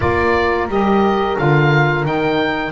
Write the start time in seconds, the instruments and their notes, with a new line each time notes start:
0.00 double bass A#3, saxophone F4, horn A#4, oboe D5
0.68 double bass G3, saxophone G4, oboe D#5
1.37 double bass D3, saxophone F4, oboe F5
2.04 double bass D#3, saxophone D#4, oboe G5